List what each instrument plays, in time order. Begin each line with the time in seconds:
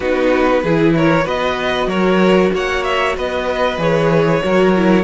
0.00 cello B3, viola D#4, violin F#4 B4
0.63 cello E3, viola E4, violin G#4
0.96 violin A#4 C#5
1.24 cello B3, viola F#4, violin B4 D#5
1.87 cello F#3, violin A#4 C#5
2.53 cello A#3, violin C#5 F#5
2.83 violin E5
3.16 cello B3, violin B4 D#5
3.77 cello E3, viola G#4, violin C#5
4.43 cello F#3, viola F#4, violin A#4
4.75 viola E4